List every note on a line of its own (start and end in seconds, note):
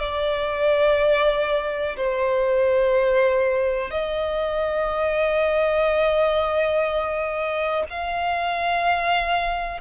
0.00 1.97 D5
1.97 3.91 C5
3.91 7.85 D#5
7.90 9.81 F5